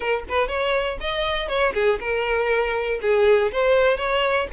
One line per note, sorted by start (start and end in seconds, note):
0.00 0.23 A#4
0.28 0.48 B4
0.48 0.98 C#5
1.00 1.48 D#5
1.48 1.73 C#5
1.74 1.99 G#4
2.00 3.00 A#4
3.01 3.51 G#4
3.52 3.97 C5
3.97 4.47 C#5